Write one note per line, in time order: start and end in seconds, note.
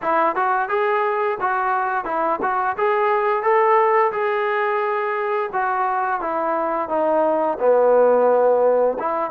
0.02 0.35 E4
0.35 0.69 F#4
0.69 1.38 G#4
1.40 2.05 F#4
2.05 2.39 E4
2.41 2.76 F#4
2.77 3.42 G#4
3.42 4.11 A4
4.12 5.50 G#4
5.52 6.20 F#4
6.20 6.88 E4
6.88 7.57 D#4
7.59 8.97 B3
8.99 9.30 E4